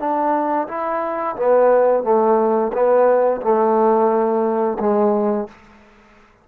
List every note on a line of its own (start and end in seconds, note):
0.00 0.68 D4
0.68 1.36 E4
1.37 2.04 B3
2.04 2.72 A3
2.73 3.42 B3
3.42 4.78 A3
4.80 5.48 G#3